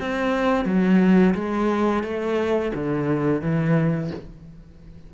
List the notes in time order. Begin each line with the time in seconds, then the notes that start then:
0.00 C4
0.66 F#3
1.35 G#3
2.04 A3
2.75 D3
3.42 E3